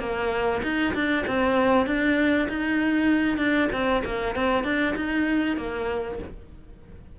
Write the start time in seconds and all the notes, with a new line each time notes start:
0.00 A#3
0.64 D#4
0.95 D4
1.27 C4
1.87 D4
2.49 D#4
3.38 D4
3.73 C4
4.05 A#3
4.36 C4
4.64 D4
4.97 D#4
5.57 A#3